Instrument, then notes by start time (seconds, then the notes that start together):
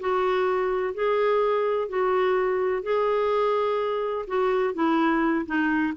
clarinet
0.00 F#4
0.94 G#4
1.89 F#4
2.83 G#4
4.27 F#4
4.74 E4
5.46 D#4